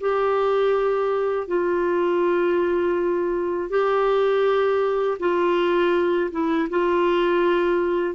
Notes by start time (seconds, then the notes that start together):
0.00 G4
1.47 F4
3.69 G4
5.19 F4
6.31 E4
6.69 F4